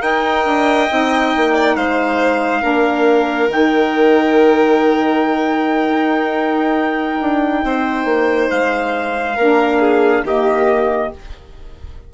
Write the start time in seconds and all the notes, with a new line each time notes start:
0.00 D#4 A#4 D#5 G5
0.45 D4
0.89 C4 D#4
1.36 A#3
1.54 D5
1.76 G#3 C5 F5
2.61 A#3 D4 A#4
3.48 D#3 D#4 G5
5.89 D#4
7.21 D4
7.63 C4 C5
8.05 A#3
8.50 G#3 F5
9.35 A#3 D4 A#4
9.80 G#4
10.22 D#3 A#3 G4 D#5